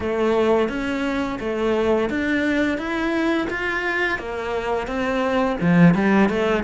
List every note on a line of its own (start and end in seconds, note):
0.00 0.68 A3
0.68 1.38 C#4
1.40 2.09 A3
2.09 2.77 D4
2.77 3.47 E4
3.49 4.19 F4
4.19 4.87 A#3
4.87 5.57 C4
5.60 5.94 F3
5.94 6.29 G3
6.29 6.63 A3